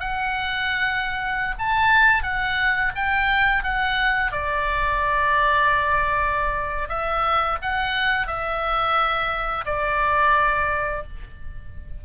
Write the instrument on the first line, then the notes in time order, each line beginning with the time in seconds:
oboe
0.00 F#5
1.59 A5
2.24 F#5
2.96 G5
3.64 F#5
4.32 D5
6.89 E5
7.62 F#5
8.28 E5
9.66 D5